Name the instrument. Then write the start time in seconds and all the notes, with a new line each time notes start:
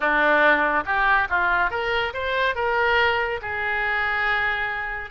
oboe
0.00 D4
0.85 G4
1.29 F4
1.70 A#4
2.13 C5
2.55 A#4
3.41 G#4